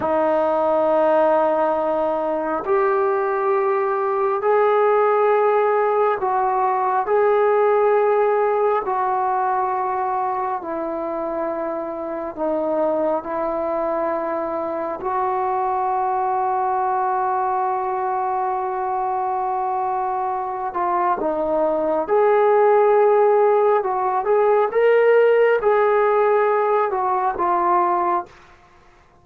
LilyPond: \new Staff \with { instrumentName = "trombone" } { \time 4/4 \tempo 4 = 68 dis'2. g'4~ | g'4 gis'2 fis'4 | gis'2 fis'2 | e'2 dis'4 e'4~ |
e'4 fis'2.~ | fis'2.~ fis'8 f'8 | dis'4 gis'2 fis'8 gis'8 | ais'4 gis'4. fis'8 f'4 | }